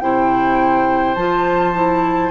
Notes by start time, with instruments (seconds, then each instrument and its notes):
0.00 bassoon C3, clarinet E4, oboe C5, flute G5
1.15 bassoon F3, clarinet F4, flute A5
1.74 clarinet E4